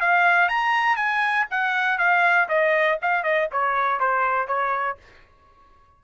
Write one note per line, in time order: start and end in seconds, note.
0.00 0.48 F5
0.48 0.96 A#5
0.96 1.46 G#5
1.50 1.98 F#5
1.98 2.48 F5
2.48 2.98 D#5
3.01 3.23 F5
3.23 3.48 D#5
3.51 4.00 C#5
4.00 4.47 C5
4.47 4.97 C#5